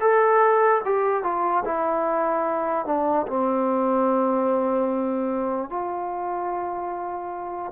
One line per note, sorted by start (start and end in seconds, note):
0.00 0.81 A4
0.85 1.23 G4
1.23 1.64 F4
1.64 2.86 E4
2.86 3.26 D4
3.27 5.69 C4
5.69 7.72 F4